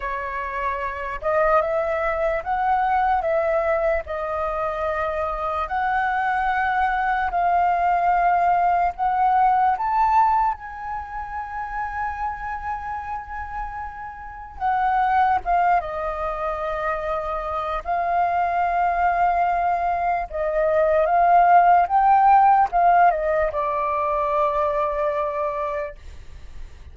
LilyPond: \new Staff \with { instrumentName = "flute" } { \time 4/4 \tempo 4 = 74 cis''4. dis''8 e''4 fis''4 | e''4 dis''2 fis''4~ | fis''4 f''2 fis''4 | a''4 gis''2.~ |
gis''2 fis''4 f''8 dis''8~ | dis''2 f''2~ | f''4 dis''4 f''4 g''4 | f''8 dis''8 d''2. | }